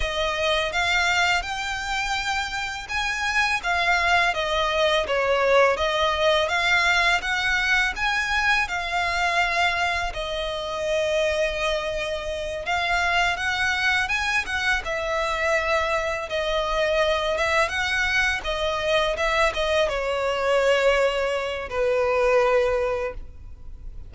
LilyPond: \new Staff \with { instrumentName = "violin" } { \time 4/4 \tempo 4 = 83 dis''4 f''4 g''2 | gis''4 f''4 dis''4 cis''4 | dis''4 f''4 fis''4 gis''4 | f''2 dis''2~ |
dis''4. f''4 fis''4 gis''8 | fis''8 e''2 dis''4. | e''8 fis''4 dis''4 e''8 dis''8 cis''8~ | cis''2 b'2 | }